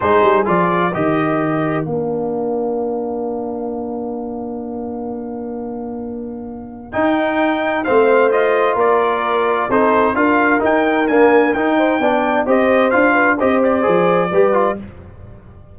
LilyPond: <<
  \new Staff \with { instrumentName = "trumpet" } { \time 4/4 \tempo 4 = 130 c''4 d''4 dis''2 | f''1~ | f''1~ | f''2. g''4~ |
g''4 f''4 dis''4 d''4~ | d''4 c''4 f''4 g''4 | gis''4 g''2 dis''4 | f''4 dis''8 d''2~ d''8 | }
  \new Staff \with { instrumentName = "horn" } { \time 4/4 gis'2 ais'2~ | ais'1~ | ais'1~ | ais'1~ |
ais'4 c''2 ais'4~ | ais'4 a'4 ais'2~ | ais'4. c''8 d''4 c''4~ | c''8 b'8 c''2 b'4 | }
  \new Staff \with { instrumentName = "trombone" } { \time 4/4 dis'4 f'4 g'2 | d'1~ | d'1~ | d'2. dis'4~ |
dis'4 c'4 f'2~ | f'4 dis'4 f'4 dis'4 | ais4 dis'4 d'4 g'4 | f'4 g'4 gis'4 g'8 f'8 | }
  \new Staff \with { instrumentName = "tuba" } { \time 4/4 gis8 g8 f4 dis2 | ais1~ | ais1~ | ais2. dis'4~ |
dis'4 a2 ais4~ | ais4 c'4 d'4 dis'4 | d'4 dis'4 b4 c'4 | d'4 c'4 f4 g4 | }
>>